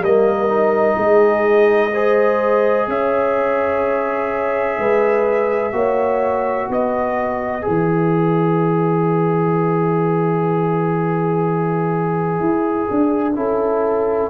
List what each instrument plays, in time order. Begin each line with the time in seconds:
0.00 tuba G3, trombone A#3, horn A#4, trumpet D#5
0.49 trombone D#4
0.97 tuba G#3, horn G#4
1.94 trombone G#4, horn C5
2.88 tuba C#4, horn C#5, trumpet E5
4.79 tuba G#3, horn B4
5.73 tuba A#3, trombone F#4, horn C#5
6.70 tuba B3, horn B4, trumpet D#5
7.62 tuba E3, trombone G#4, trumpet E5
12.40 tuba E4
12.91 tuba D4
13.36 tuba C#4, trombone E4, horn A4